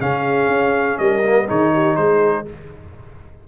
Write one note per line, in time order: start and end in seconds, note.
0.00 0.48 C#3
0.00 1.23 C#4
0.00 1.00 G#4
0.00 0.98 F5
0.48 0.97 C#4
0.98 1.48 G3
0.98 1.48 A#4
0.98 1.47 D#5
1.24 1.47 A#3
1.47 1.98 D#3
1.47 2.46 D#4
1.47 1.73 G#4
1.47 1.96 C#5
1.73 1.98 G4
1.96 2.47 G#3
1.96 2.48 G#4
1.96 2.45 C5